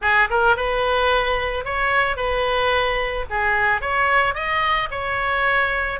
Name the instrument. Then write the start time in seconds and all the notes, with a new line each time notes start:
oboe
0.01 G#4
0.30 A#4
0.56 B4
1.64 C#5
2.16 B4
3.30 G#4
3.81 C#5
4.34 D#5
4.90 C#5